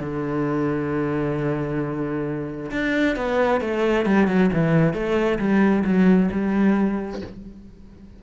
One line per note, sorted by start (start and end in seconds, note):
0.00 2.71 D3
2.71 3.16 D4
3.16 3.61 B3
3.61 4.06 A3
4.06 4.27 G3
4.27 4.50 F#3
4.53 4.93 E3
4.93 5.38 A3
5.39 5.84 G3
5.84 6.30 F#3
6.32 7.22 G3